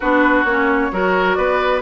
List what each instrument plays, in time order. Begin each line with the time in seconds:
0.00 bassoon B3, clarinet D4, oboe F#4, flute B4
0.43 bassoon A#3, clarinet C#4, flute C#5
0.91 bassoon F#3, clarinet F#4, oboe A#4
1.34 bassoon B3, oboe B4, flute D5